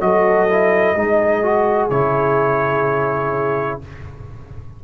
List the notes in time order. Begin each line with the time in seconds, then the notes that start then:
0.00 F#3 F#4 A4 D#5
0.49 E4
0.95 G#3 D#4 G#4
1.43 F#4
1.89 C#3 E4 C#5